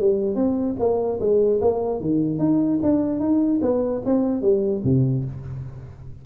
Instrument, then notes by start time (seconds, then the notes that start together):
tuba
0.00 G3
0.36 C4
0.80 A#3
1.20 G#3
1.62 A#3
2.01 D#3
2.39 D#4
2.83 D4
3.20 D#4
3.62 B3
4.06 C4
4.42 G3
4.84 C3